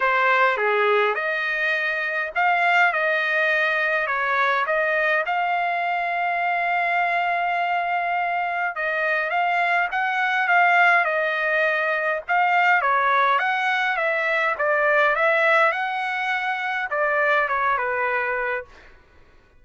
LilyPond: \new Staff \with { instrumentName = "trumpet" } { \time 4/4 \tempo 4 = 103 c''4 gis'4 dis''2 | f''4 dis''2 cis''4 | dis''4 f''2.~ | f''2. dis''4 |
f''4 fis''4 f''4 dis''4~ | dis''4 f''4 cis''4 fis''4 | e''4 d''4 e''4 fis''4~ | fis''4 d''4 cis''8 b'4. | }